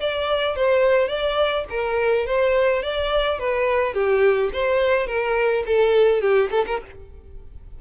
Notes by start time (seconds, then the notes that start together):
0.00 D5
0.56 C5
1.08 D5
1.70 A#4
2.26 C5
2.83 D5
3.39 B4
3.94 G4
4.53 C5
5.07 A#4
5.66 A4
6.21 G4
6.51 A4
6.67 A#4